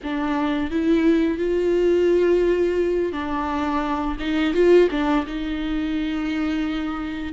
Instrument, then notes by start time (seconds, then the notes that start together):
viola
0.03 D4
0.70 E4
1.38 F4
3.12 D4
4.19 D#4
4.53 F4
4.90 D4
5.26 D#4